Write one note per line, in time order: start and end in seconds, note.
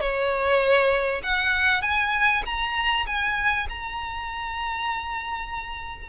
0.00 1.21 C#5
1.23 1.82 F#5
1.82 2.43 G#5
2.45 3.06 A#5
3.06 3.67 G#5
3.69 6.09 A#5